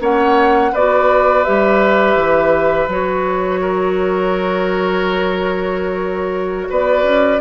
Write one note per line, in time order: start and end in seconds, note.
0.00 0.72 A#3
0.00 0.72 C#4
0.00 0.72 C#5
0.00 0.75 F#5
0.72 1.46 B3
0.72 1.45 F#4
0.72 3.61 B4
0.72 1.44 D5
1.44 2.15 G3
1.44 2.89 G4
1.44 2.89 E5
2.15 2.87 E3
2.87 6.67 F#3
2.87 7.41 F#4
2.87 6.71 C#5
3.61 6.68 A#4
6.70 7.03 B3
6.70 7.41 B4
6.70 7.41 D5
7.03 7.39 C#4